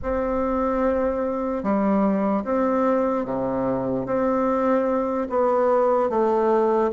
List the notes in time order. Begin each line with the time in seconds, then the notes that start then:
0.02 C4
1.63 G3
2.44 C4
3.25 C3
4.06 C4
5.29 B3
6.09 A3